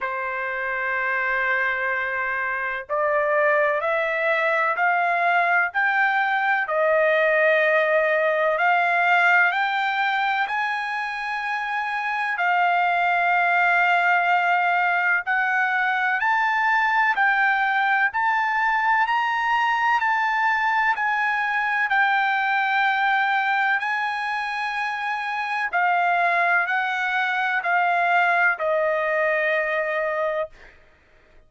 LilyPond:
\new Staff \with { instrumentName = "trumpet" } { \time 4/4 \tempo 4 = 63 c''2. d''4 | e''4 f''4 g''4 dis''4~ | dis''4 f''4 g''4 gis''4~ | gis''4 f''2. |
fis''4 a''4 g''4 a''4 | ais''4 a''4 gis''4 g''4~ | g''4 gis''2 f''4 | fis''4 f''4 dis''2 | }